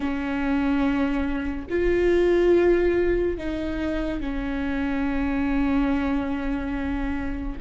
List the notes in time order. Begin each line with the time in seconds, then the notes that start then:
0.00 C#4
1.69 F4
3.37 D#4
4.20 C#4